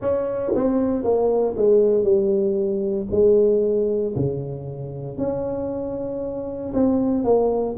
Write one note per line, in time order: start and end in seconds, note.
0.00 0.52 C#4
0.55 1.03 C4
1.03 1.55 A#3
1.57 2.03 G#3
2.03 3.07 G3
3.11 4.14 G#3
4.15 5.17 C#3
5.17 6.72 C#4
6.73 7.24 C4
7.24 7.75 A#3